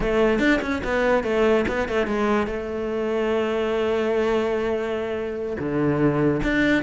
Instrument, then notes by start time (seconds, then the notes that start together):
cello
0.00 A3
0.39 D4
0.61 C#4
0.84 B3
1.23 A3
1.68 B3
1.88 A3
2.06 G#3
2.47 A3
5.59 D3
6.43 D4